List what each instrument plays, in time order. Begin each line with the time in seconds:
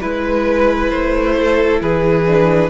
0.00 cello G#3, viola E4, violin B4
0.89 cello A3, violin C5
1.37 violin A4
1.81 cello E3, violin G#4 B4
2.25 viola D4